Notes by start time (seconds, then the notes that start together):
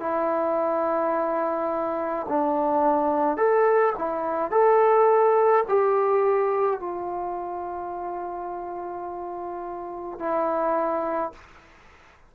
0.00 E4
2.28 D4
3.37 A4
3.98 E4
4.51 A4
5.68 G4
6.80 F4
10.19 E4